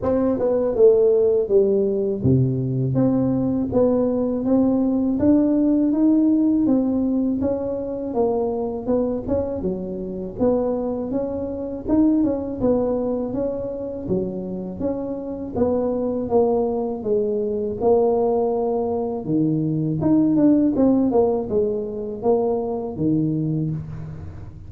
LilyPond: \new Staff \with { instrumentName = "tuba" } { \time 4/4 \tempo 4 = 81 c'8 b8 a4 g4 c4 | c'4 b4 c'4 d'4 | dis'4 c'4 cis'4 ais4 | b8 cis'8 fis4 b4 cis'4 |
dis'8 cis'8 b4 cis'4 fis4 | cis'4 b4 ais4 gis4 | ais2 dis4 dis'8 d'8 | c'8 ais8 gis4 ais4 dis4 | }